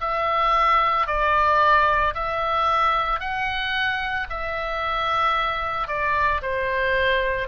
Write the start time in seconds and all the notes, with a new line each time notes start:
0.00 E5
1.07 D5
2.14 E5
3.19 F#5
4.30 E5
5.87 D5
6.41 C5